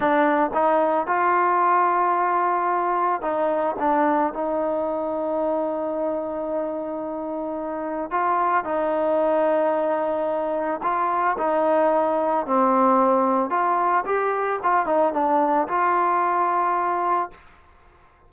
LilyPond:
\new Staff \with { instrumentName = "trombone" } { \time 4/4 \tempo 4 = 111 d'4 dis'4 f'2~ | f'2 dis'4 d'4 | dis'1~ | dis'2. f'4 |
dis'1 | f'4 dis'2 c'4~ | c'4 f'4 g'4 f'8 dis'8 | d'4 f'2. | }